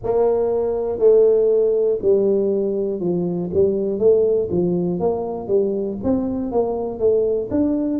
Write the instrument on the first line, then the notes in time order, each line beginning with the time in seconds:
tuba
0.03 A#3
0.99 A3
2.01 G3
3.00 F3
3.53 G3
3.99 A3
4.50 F3
5.00 A#3
5.47 G3
6.03 C4
6.51 A#3
6.99 A3
7.50 D4